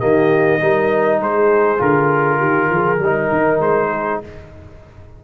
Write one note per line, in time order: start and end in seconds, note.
0.00 0.61 D#3
0.00 0.60 A#3
0.00 0.60 G4
0.00 1.21 D#5
0.60 1.20 G3
0.60 1.78 D#4
0.60 1.19 A#4
1.19 1.80 G#3
1.19 2.39 G#4
1.19 1.81 C5
1.78 2.41 D3
1.78 2.98 F4
1.78 3.61 A#4
2.39 2.71 D#3
2.39 2.69 G4
2.71 3.00 F3
2.71 3.02 G#4
3.00 3.30 G3
3.00 4.25 D#4
3.00 3.89 A#4
3.32 3.60 D#3
3.60 4.20 G#3
3.60 4.21 C5
3.89 4.19 G#4